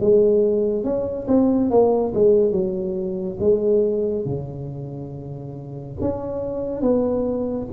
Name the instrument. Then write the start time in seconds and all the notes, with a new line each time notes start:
tuba
0.00 G#3
0.84 C#4
1.27 C4
1.70 A#3
2.14 G#3
2.52 F#3
3.40 G#3
4.25 C#3
6.00 C#4
6.81 B3